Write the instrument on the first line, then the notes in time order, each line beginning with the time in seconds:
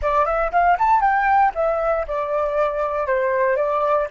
flute
0.01 D5
0.25 E5
0.52 F5
0.78 A5
1.00 G5
1.55 E5
2.07 D5
3.07 C5
3.56 D5